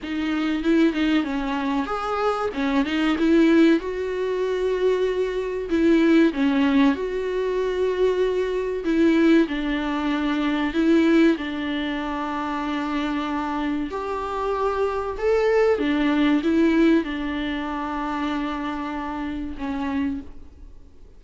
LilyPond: \new Staff \with { instrumentName = "viola" } { \time 4/4 \tempo 4 = 95 dis'4 e'8 dis'8 cis'4 gis'4 | cis'8 dis'8 e'4 fis'2~ | fis'4 e'4 cis'4 fis'4~ | fis'2 e'4 d'4~ |
d'4 e'4 d'2~ | d'2 g'2 | a'4 d'4 e'4 d'4~ | d'2. cis'4 | }